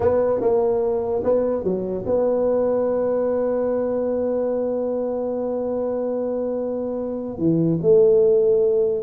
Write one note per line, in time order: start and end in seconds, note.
0.00 0.40 B3
0.40 1.22 A#3
1.23 1.63 B3
1.63 2.04 F#3
2.05 7.37 B3
7.37 7.79 E3
7.81 9.03 A3